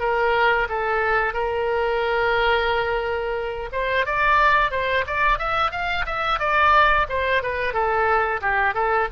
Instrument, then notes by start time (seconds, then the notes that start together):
oboe
0.00 A#4
0.69 A4
1.33 A#4
3.72 C5
4.06 D5
4.71 C5
5.07 D5
5.38 E5
5.72 F5
6.06 E5
6.39 D5
7.09 C5
7.42 B4
7.73 A4
8.41 G4
8.74 A4